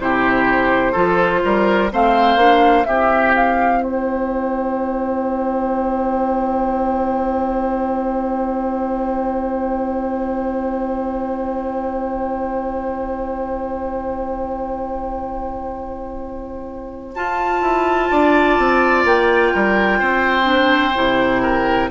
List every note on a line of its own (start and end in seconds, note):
0.00 0.95 C3
0.00 0.94 E4
0.00 0.92 G4
0.00 1.91 C5
0.92 1.43 F3
0.92 1.90 F4
0.92 1.40 A4
1.45 1.92 G3
1.45 1.93 A#4
1.92 2.37 A3
1.92 2.39 C4
1.92 2.88 C5
1.92 2.85 F5
2.37 2.84 A#3
2.37 2.85 D4
2.85 17.16 C4
2.85 17.13 E4
2.85 3.83 G4
2.85 3.33 E5
3.36 3.83 F5
3.83 18.12 C5
3.83 17.15 G5
17.15 20.44 F4
17.15 17.62 F4
17.15 19.05 A5
17.62 18.10 E4
18.12 18.59 D4
18.12 19.54 D5
18.59 19.05 C4
19.05 19.53 A#3
19.05 21.91 G5
19.54 20.01 G3
19.54 20.00 A#4
20.00 20.96 C4
20.00 21.42 C5
20.44 20.92 D4
20.95 21.91 C3
20.95 21.91 E4
21.43 21.90 A#4